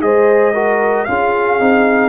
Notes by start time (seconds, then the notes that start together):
0.00 G#3 G#4 C5 D#5
0.53 F#4 A#4
1.04 C#4 F4 G#4 F5
1.59 C4 D#4